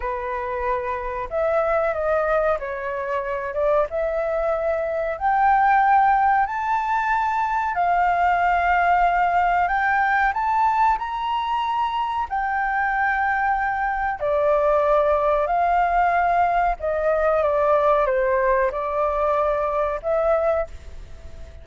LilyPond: \new Staff \with { instrumentName = "flute" } { \time 4/4 \tempo 4 = 93 b'2 e''4 dis''4 | cis''4. d''8 e''2 | g''2 a''2 | f''2. g''4 |
a''4 ais''2 g''4~ | g''2 d''2 | f''2 dis''4 d''4 | c''4 d''2 e''4 | }